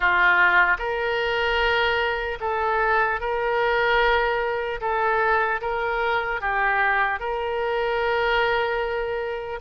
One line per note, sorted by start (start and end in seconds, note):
0.00 0.77 F4
0.78 2.38 A#4
2.40 3.20 A4
3.20 4.80 A#4
4.80 5.60 A4
5.61 6.40 A#4
6.40 7.19 G4
7.19 9.59 A#4